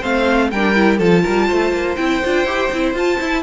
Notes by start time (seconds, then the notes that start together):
0.00 A3 C4 C5 F5
0.51 G3 D4 A#4 G5
0.75 E4
0.98 F3 F4 A4 A5
1.23 G3 A#4
1.48 A3 C5
1.73 A#3
1.96 C4 E4 G5
2.25 D4 F4
2.45 E4 G4
2.73 C4 E4
2.94 F4 A5
3.20 E4